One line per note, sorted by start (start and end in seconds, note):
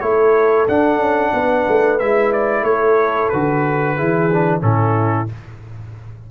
0.00 0.67 A3
0.00 0.67 E4
0.00 1.33 A4
0.00 0.66 C#5
0.67 1.99 D4
0.67 0.98 D4
0.67 1.99 F#5
0.98 1.31 C#4
1.33 1.66 B3
1.33 2.64 B4
1.68 2.01 A3
1.99 2.62 G#3
1.99 3.33 E4
1.99 2.32 E5
2.33 2.64 D5
2.62 3.28 A3
2.62 3.95 A4
2.62 3.29 C#5
3.29 3.99 D3
3.29 3.97 F#4
3.29 4.61 B4
3.95 4.62 E3
3.95 4.30 E4
3.95 4.61 G#4
4.33 4.60 D4
4.60 5.28 A2
4.60 5.26 C#4
4.60 5.30 E4
4.60 5.28 A4